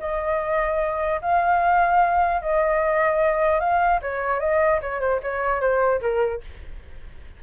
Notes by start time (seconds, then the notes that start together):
0.00 D#5
1.22 F5
2.42 D#5
3.60 F5
4.02 C#5
4.40 D#5
4.82 C#5
5.01 C5
5.23 C#5
5.61 C5
6.01 A#4